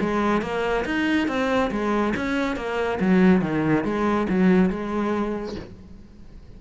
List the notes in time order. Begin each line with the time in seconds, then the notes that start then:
0.00 G#3
0.42 A#3
0.85 D#4
1.27 C4
1.71 G#3
2.16 C#4
2.56 A#3
3.00 F#3
3.41 D#3
3.84 G#3
4.29 F#3
4.69 G#3